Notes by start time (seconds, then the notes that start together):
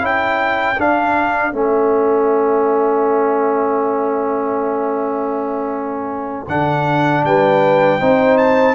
0.00 C#4 E4 A4 G5
0.79 D4 F5
1.53 A3 C#4 E5
6.48 D3 D4 F#5
7.25 G3 B4 G5
8.00 C4 D#4 C5
8.37 A5